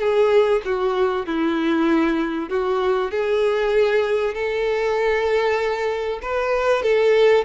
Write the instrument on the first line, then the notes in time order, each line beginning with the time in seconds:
violin
0.00 G#4
0.65 F#4
1.26 E4
2.49 F#4
3.11 G#4
4.34 A4
6.22 B4
6.83 A4